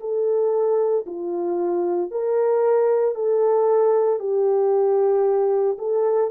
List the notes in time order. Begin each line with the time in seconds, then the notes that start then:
0.00 A4
1.06 F4
2.11 A#4
3.15 A4
4.19 G4
5.78 A4